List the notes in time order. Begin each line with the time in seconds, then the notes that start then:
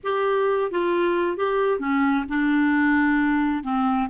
0.03 G4
0.71 F4
1.37 G4
1.79 C#4
2.28 D4
3.63 C4